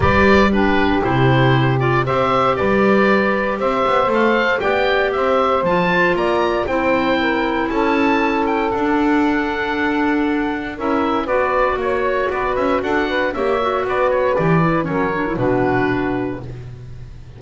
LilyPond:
<<
  \new Staff \with { instrumentName = "oboe" } { \time 4/4 \tempo 4 = 117 d''4 b'4 c''4. d''8 | e''4 d''2 e''4 | f''4 g''4 e''4 a''4 | ais''4 g''2 a''4~ |
a''8 g''8 fis''2.~ | fis''4 e''4 d''4 cis''4 | d''8 e''8 fis''4 e''4 d''8 cis''8 | d''4 cis''4 b'2 | }
  \new Staff \with { instrumentName = "saxophone" } { \time 4/4 b'4 g'2. | c''4 b'2 c''4~ | c''4 d''4 c''2 | d''4 c''4 ais'4 a'4~ |
a'1~ | a'4 ais'4 b'4 cis''4 | b'4 a'8 b'8 cis''4 b'4~ | b'4 ais'4 fis'2 | }
  \new Staff \with { instrumentName = "clarinet" } { \time 4/4 g'4 d'4 e'4. f'8 | g'1 | a'4 g'2 f'4~ | f'4 e'2.~ |
e'4 d'2.~ | d'4 e'4 fis'2~ | fis'2 g'8 fis'4. | g'8 e'8 cis'8 d'16 e'16 d'2 | }
  \new Staff \with { instrumentName = "double bass" } { \time 4/4 g2 c2 | c'4 g2 c'8 b8 | a4 b4 c'4 f4 | ais4 c'2 cis'4~ |
cis'4 d'2.~ | d'4 cis'4 b4 ais4 | b8 cis'8 d'4 ais4 b4 | e4 fis4 b,2 | }
>>